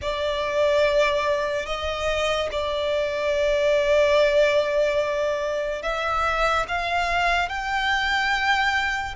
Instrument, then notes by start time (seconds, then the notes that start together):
violin
0.02 D5
1.66 D#5
2.51 D5
5.82 E5
6.68 F5
7.48 G5